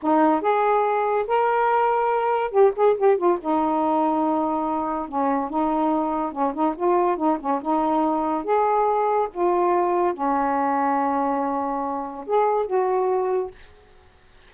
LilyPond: \new Staff \with { instrumentName = "saxophone" } { \time 4/4 \tempo 4 = 142 dis'4 gis'2 ais'4~ | ais'2 g'8 gis'8 g'8 f'8 | dis'1 | cis'4 dis'2 cis'8 dis'8 |
f'4 dis'8 cis'8 dis'2 | gis'2 f'2 | cis'1~ | cis'4 gis'4 fis'2 | }